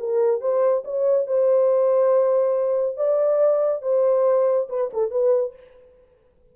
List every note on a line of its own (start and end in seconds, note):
0.00 0.41 A#4
0.41 0.84 C5
0.85 1.27 C#5
1.27 2.97 C5
2.97 3.83 D5
3.83 4.69 C5
4.70 4.91 B4
4.94 5.11 A4
5.11 5.54 B4